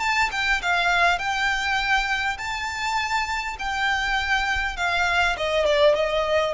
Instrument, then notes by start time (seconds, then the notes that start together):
violin
0.00 A5
0.31 G5
0.62 F5
1.19 G5
2.38 A5
3.59 G5
4.77 F5
5.37 D#5
5.65 D5
5.95 D#5